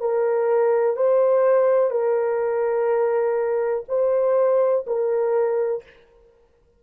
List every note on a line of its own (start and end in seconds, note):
0.00 0.96 A#4
0.96 1.90 C5
1.90 3.84 A#4
3.88 4.85 C5
4.87 5.83 A#4